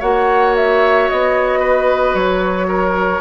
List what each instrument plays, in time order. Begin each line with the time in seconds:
0.00 bassoon A#3, clarinet F#4, oboe C#5, flute F#5
0.56 flute E5
1.09 bassoon B3, flute D#5
1.60 oboe B4
2.15 bassoon F#3, flute C#5
2.69 oboe A#4